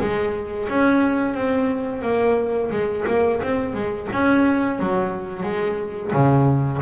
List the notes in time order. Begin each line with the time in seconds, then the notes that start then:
0.00 G#3
0.69 C#4
1.34 C4
2.02 A#3
2.71 G#3
3.07 A#3
3.42 C4
3.74 G#3
4.12 C#4
4.79 F#3
5.43 G#3
6.12 C#3